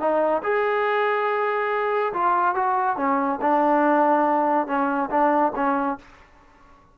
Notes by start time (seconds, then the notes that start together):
0.00 D#4
0.43 G#4
2.14 F4
2.56 F#4
2.97 C#4
3.42 D4
4.67 C#4
5.10 D4
5.56 C#4